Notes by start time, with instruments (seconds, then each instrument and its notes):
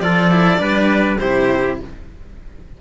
0.00 cello F3 F4, trumpet A4, violin D5
0.31 cello E4
0.58 cello G3 D4, trumpet B4
1.18 cello C3 E4, trumpet G4, violin C5